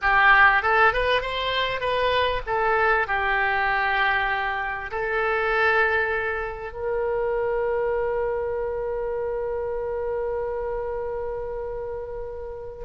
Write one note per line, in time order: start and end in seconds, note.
0.01 0.62 G4
0.62 0.93 A4
0.93 1.21 B4
1.21 1.80 C5
1.80 2.41 B4
2.46 3.07 A4
3.07 4.90 G4
4.91 6.72 A4
6.72 12.85 A#4